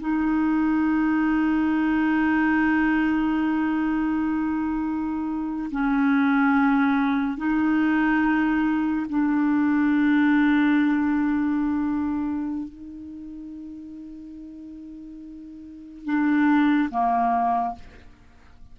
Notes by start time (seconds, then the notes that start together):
0.00 D#4
5.71 C#4
7.38 D#4
9.09 D4
12.68 D#4
16.05 D4
16.91 A#3